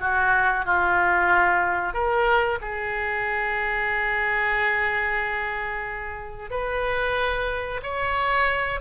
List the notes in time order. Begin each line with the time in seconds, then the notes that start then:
0.00 F#4
0.65 F4
1.94 A#4
2.61 G#4
6.51 B4
7.83 C#5